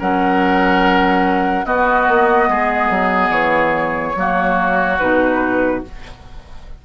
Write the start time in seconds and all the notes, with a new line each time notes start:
0.00 F#3 C#4 A#4 F#5
1.66 B3 F#4 D#5
2.09 A#3
2.49 G#3 G#4
2.90 F#3
3.30 E3 C#5
4.16 F#3 A#3 F#4
4.99 B2 D#4 B4